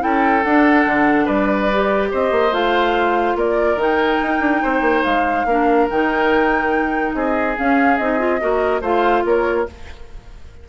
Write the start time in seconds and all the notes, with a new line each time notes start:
0.00 C#4 E4 A4 G5
0.43 D4 F#5
0.85 D3
1.25 G3 B4 D5
1.72 G4
2.11 C4 C5 D#5
2.31 A#3
2.51 A3 F4 F5
3.35 A#3 A#4 D5
3.75 D#3 D#4 G5
4.22 D#4
4.40 D4
4.62 C4 C5
4.81 A#3
5.03 G#3 F5
5.45 A#3 D4 A#4
5.90 D#3 D#4 G5
7.13 C4 G#4 D#5
7.56 C#4 F5
7.97 C4 D#4 D#5
8.18 F4
8.40 A#3 F#4 A#4
8.81 A3 F4 C5 F5
9.25 A#3 A#4 C#5